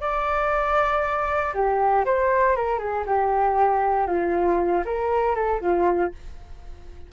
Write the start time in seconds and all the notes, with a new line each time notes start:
0.00 D5
1.53 G4
2.05 C5
2.55 A#4
2.79 G#4
3.06 G4
4.07 F4
4.85 A#4
5.35 A4
5.60 F4